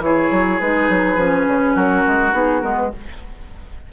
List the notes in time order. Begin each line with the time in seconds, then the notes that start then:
0.00 E3 E4 G#4 C#5
0.31 F#3
0.60 G#3 D#4 B4
0.90 F#3
1.16 F3 C#4
1.48 C#3
1.75 F#3 F#4 A#4
2.07 G#3
2.32 B3 D#4 G#4
2.61 G#3 B3 A#4
2.77 B4